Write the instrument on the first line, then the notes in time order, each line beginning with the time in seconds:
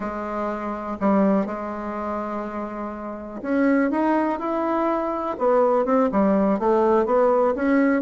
bassoon
0.00 G#3
1.00 G3
1.46 G#3
3.41 C#4
3.90 D#4
4.39 E4
5.38 B3
5.85 C4
6.11 G3
6.59 A3
7.05 B3
7.55 C#4